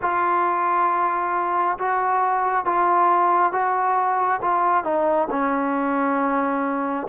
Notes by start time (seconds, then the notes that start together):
0.01 F4
1.78 F#4
2.65 F4
3.52 F#4
4.41 F4
4.83 D#4
5.30 C#4